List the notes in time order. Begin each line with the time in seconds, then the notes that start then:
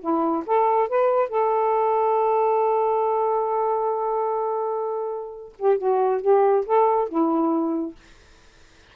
0.00 E4
0.46 A4
0.88 B4
1.29 A4
5.58 G4
5.78 F#4
6.21 G4
6.65 A4
7.08 E4